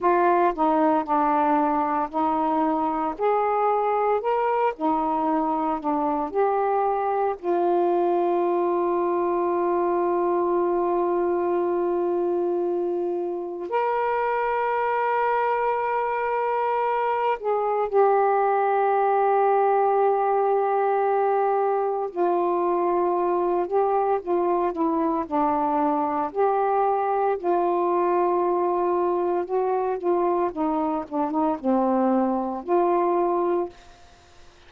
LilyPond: \new Staff \with { instrumentName = "saxophone" } { \time 4/4 \tempo 4 = 57 f'8 dis'8 d'4 dis'4 gis'4 | ais'8 dis'4 d'8 g'4 f'4~ | f'1~ | f'4 ais'2.~ |
ais'8 gis'8 g'2.~ | g'4 f'4. g'8 f'8 e'8 | d'4 g'4 f'2 | fis'8 f'8 dis'8 d'16 dis'16 c'4 f'4 | }